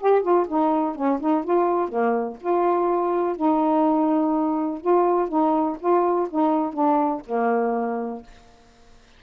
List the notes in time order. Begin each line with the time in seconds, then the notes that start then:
0.00 G4
0.22 F4
0.48 D#4
0.95 C#4
1.20 D#4
1.44 F4
1.88 A#3
2.40 F4
3.36 D#4
4.81 F4
5.29 D#4
5.80 F4
6.30 D#4
6.73 D4
7.26 A#3